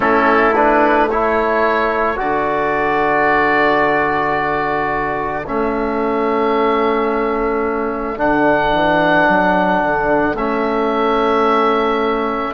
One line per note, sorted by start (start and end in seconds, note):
0.00 2.18 A3
0.00 0.53 C#4
0.00 1.09 E4
0.00 0.55 A4
0.55 1.09 D4
0.55 1.10 B4
1.09 2.16 E4
1.09 12.53 A4
1.09 2.19 C#5
2.16 5.46 D3
2.16 5.43 F#4
2.16 5.46 D5
5.46 8.17 A3
5.46 8.17 C#4
5.46 8.19 E5
8.17 8.72 D3
8.17 10.35 D4
8.17 10.37 F#5
8.72 9.26 E3
9.27 9.82 F#3
9.82 10.33 D3
10.33 12.51 A3
10.33 12.53 C#4
10.33 12.53 E5